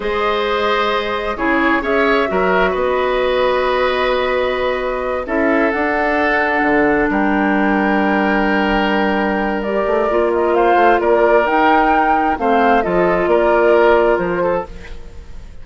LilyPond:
<<
  \new Staff \with { instrumentName = "flute" } { \time 4/4 \tempo 4 = 131 dis''2. cis''4 | e''2 dis''2~ | dis''2.~ dis''8 e''8~ | e''8 fis''2. g''8~ |
g''1~ | g''4 d''4. dis''8 f''4 | d''4 g''2 f''4 | dis''4 d''2 c''4 | }
  \new Staff \with { instrumentName = "oboe" } { \time 4/4 c''2. gis'4 | cis''4 ais'4 b'2~ | b'2.~ b'8 a'8~ | a'2.~ a'8 ais'8~ |
ais'1~ | ais'2. c''4 | ais'2. c''4 | a'4 ais'2~ ais'8 a'8 | }
  \new Staff \with { instrumentName = "clarinet" } { \time 4/4 gis'2. e'4 | gis'4 fis'2.~ | fis'2.~ fis'8 e'8~ | e'8 d'2.~ d'8~ |
d'1~ | d'4 g'4 f'2~ | f'4 dis'2 c'4 | f'1 | }
  \new Staff \with { instrumentName = "bassoon" } { \time 4/4 gis2. cis4 | cis'4 fis4 b2~ | b2.~ b8 cis'8~ | cis'8 d'2 d4 g8~ |
g1~ | g4. a8 ais4. a8 | ais4 dis'2 a4 | f4 ais2 f4 | }
>>